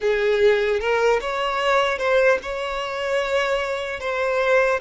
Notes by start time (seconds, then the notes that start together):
0.00 G#4
0.80 A#4
1.20 C#5
1.98 C5
2.42 C#5
4.00 C5